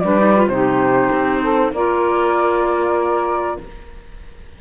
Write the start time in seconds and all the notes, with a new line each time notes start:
0.00 G3 D4 B4 D5
0.18 D#4
0.36 F4
0.47 C3 D#4 G4 C5
1.12 C4
1.42 A4
1.72 A#3 F4 A#4 D5